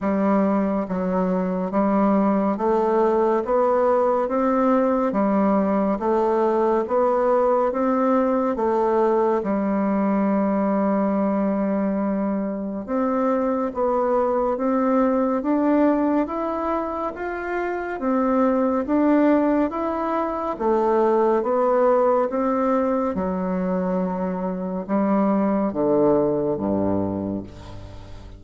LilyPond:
\new Staff \with { instrumentName = "bassoon" } { \time 4/4 \tempo 4 = 70 g4 fis4 g4 a4 | b4 c'4 g4 a4 | b4 c'4 a4 g4~ | g2. c'4 |
b4 c'4 d'4 e'4 | f'4 c'4 d'4 e'4 | a4 b4 c'4 fis4~ | fis4 g4 d4 g,4 | }